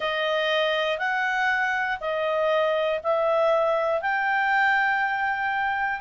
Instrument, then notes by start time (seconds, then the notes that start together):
clarinet
0.00 D#5
0.98 F#5
2.00 D#5
3.03 E5
4.01 G5